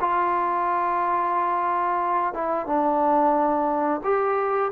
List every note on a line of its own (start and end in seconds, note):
0.00 2.34 F4
2.34 2.66 E4
2.66 4.01 D4
4.04 4.71 G4